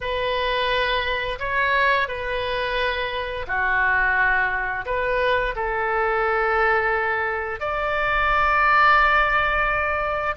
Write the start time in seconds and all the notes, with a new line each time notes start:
0.00 B4
1.39 C#5
2.08 B4
3.47 F#4
4.85 B4
5.55 A4
7.60 D5